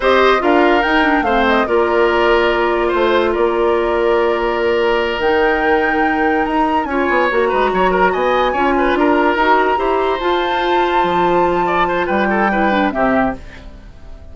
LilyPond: <<
  \new Staff \with { instrumentName = "flute" } { \time 4/4 \tempo 4 = 144 dis''4 f''4 g''4 f''8 dis''8 | d''2. c''4 | d''1~ | d''8 g''2. ais''8~ |
ais''8 gis''4 ais''2 gis''8~ | gis''4. ais''2~ ais''8~ | ais''8 a''2.~ a''8~ | a''4 g''2 e''4 | }
  \new Staff \with { instrumentName = "oboe" } { \time 4/4 c''4 ais'2 c''4 | ais'2. c''4 | ais'1~ | ais'1~ |
ais'8 cis''4. b'8 cis''8 ais'8 dis''8~ | dis''8 cis''8 b'8 ais'2 c''8~ | c''1 | d''8 c''8 b'8 a'8 b'4 g'4 | }
  \new Staff \with { instrumentName = "clarinet" } { \time 4/4 g'4 f'4 dis'8 d'8 c'4 | f'1~ | f'1~ | f'8 dis'2.~ dis'8~ |
dis'8 f'4 fis'2~ fis'8~ | fis'8 f'2 fis'4 g'8~ | g'8 f'2.~ f'8~ | f'2 e'8 d'8 c'4 | }
  \new Staff \with { instrumentName = "bassoon" } { \time 4/4 c'4 d'4 dis'4 a4 | ais2. a4 | ais1~ | ais8 dis2. dis'8~ |
dis'8 cis'8 b8 ais8 gis8 fis4 b8~ | b8 cis'4 d'4 dis'4 e'8~ | e'8 f'2 f4.~ | f4 g2 c4 | }
>>